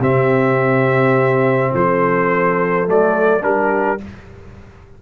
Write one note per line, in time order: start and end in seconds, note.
0.00 1.71 C3
0.00 2.87 C4
0.00 1.72 G4
0.00 1.75 E5
1.73 2.88 F3
1.73 3.45 A4
1.73 2.89 C5
2.87 3.44 F#3
2.87 3.41 A3
2.87 3.43 D5
3.41 4.01 G3
3.41 3.98 D4
3.41 4.02 G4
3.41 4.01 A#4